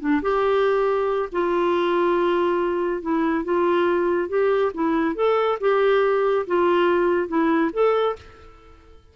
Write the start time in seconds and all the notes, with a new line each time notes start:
0.00 D4
0.22 G4
1.32 F4
3.02 E4
3.44 F4
4.29 G4
4.74 E4
5.15 A4
5.60 G4
6.47 F4
7.28 E4
7.73 A4